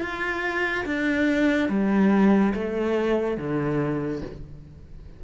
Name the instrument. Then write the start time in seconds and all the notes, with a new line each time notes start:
cello
0.00 F4
0.85 D4
1.69 G3
2.54 A3
3.37 D3